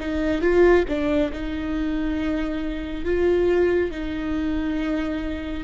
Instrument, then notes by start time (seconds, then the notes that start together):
viola
0.00 D#4
0.41 F4
0.88 D4
1.32 D#4
3.05 F4
3.91 D#4